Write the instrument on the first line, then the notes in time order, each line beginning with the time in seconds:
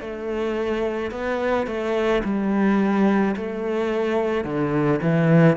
cello
0.00 A3
1.11 B3
1.66 A3
2.24 G3
3.36 A3
4.44 D3
5.02 E3